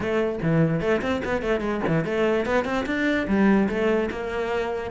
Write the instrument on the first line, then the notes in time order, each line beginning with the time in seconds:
cello
0.00 A3
0.42 E3
0.81 A3
1.01 C4
1.24 B3
1.42 A3
1.60 G#3
1.87 E3
2.05 A3
2.45 B3
2.64 C4
2.86 D4
3.27 G3
3.68 A3
4.10 A#3